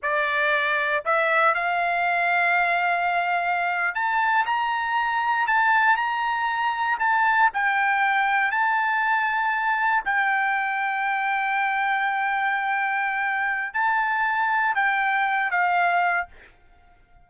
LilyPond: \new Staff \with { instrumentName = "trumpet" } { \time 4/4 \tempo 4 = 118 d''2 e''4 f''4~ | f''2.~ f''8. a''16~ | a''8. ais''2 a''4 ais''16~ | ais''4.~ ais''16 a''4 g''4~ g''16~ |
g''8. a''2. g''16~ | g''1~ | g''2. a''4~ | a''4 g''4. f''4. | }